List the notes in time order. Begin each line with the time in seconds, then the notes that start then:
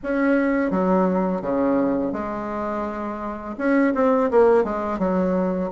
0.03 C#4
0.70 F#3
1.41 C#3
2.12 G#3
3.57 C#4
3.94 C4
4.31 A#3
4.64 G#3
4.98 F#3